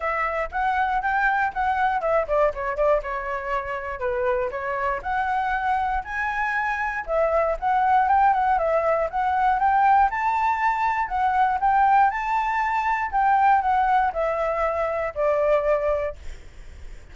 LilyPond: \new Staff \with { instrumentName = "flute" } { \time 4/4 \tempo 4 = 119 e''4 fis''4 g''4 fis''4 | e''8 d''8 cis''8 d''8 cis''2 | b'4 cis''4 fis''2 | gis''2 e''4 fis''4 |
g''8 fis''8 e''4 fis''4 g''4 | a''2 fis''4 g''4 | a''2 g''4 fis''4 | e''2 d''2 | }